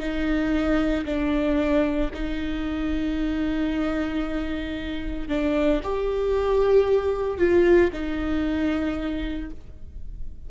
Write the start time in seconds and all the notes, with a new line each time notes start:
0.00 D#4
1.06 D4
2.14 D#4
5.29 D4
5.83 G4
7.38 F4
7.93 D#4